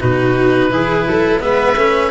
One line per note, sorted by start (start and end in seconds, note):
0.00 0.71 B2
0.00 0.70 D#4
0.00 0.71 F#4
0.00 1.41 B4
0.70 1.06 E3
0.70 1.40 E4
0.70 1.08 G#4
1.07 1.41 F#3
1.07 1.42 A4
1.40 1.76 G#3
1.40 1.75 B3
1.40 2.11 B4
1.40 2.11 E5
1.76 2.11 A3
1.76 2.11 C#4